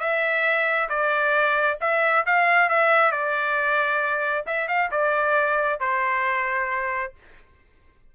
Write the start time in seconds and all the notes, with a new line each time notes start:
0.00 E5
0.89 D5
1.81 E5
2.26 F5
2.69 E5
3.12 D5
4.46 E5
4.68 F5
4.91 D5
5.80 C5